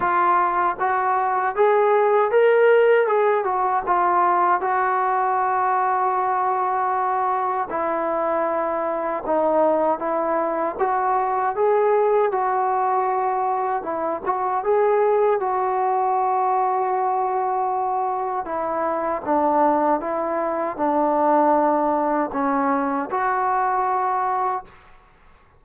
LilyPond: \new Staff \with { instrumentName = "trombone" } { \time 4/4 \tempo 4 = 78 f'4 fis'4 gis'4 ais'4 | gis'8 fis'8 f'4 fis'2~ | fis'2 e'2 | dis'4 e'4 fis'4 gis'4 |
fis'2 e'8 fis'8 gis'4 | fis'1 | e'4 d'4 e'4 d'4~ | d'4 cis'4 fis'2 | }